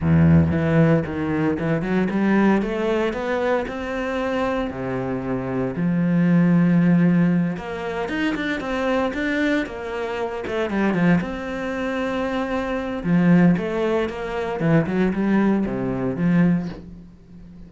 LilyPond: \new Staff \with { instrumentName = "cello" } { \time 4/4 \tempo 4 = 115 e,4 e4 dis4 e8 fis8 | g4 a4 b4 c'4~ | c'4 c2 f4~ | f2~ f8 ais4 dis'8 |
d'8 c'4 d'4 ais4. | a8 g8 f8 c'2~ c'8~ | c'4 f4 a4 ais4 | e8 fis8 g4 c4 f4 | }